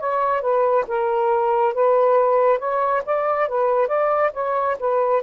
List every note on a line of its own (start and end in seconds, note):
0.00 0.42 C#5
0.42 0.85 B4
0.88 1.74 A#4
1.74 2.59 B4
2.59 3.02 C#5
3.06 3.49 D5
3.49 3.88 B4
3.88 4.32 D5
4.34 4.77 C#5
4.80 5.23 B4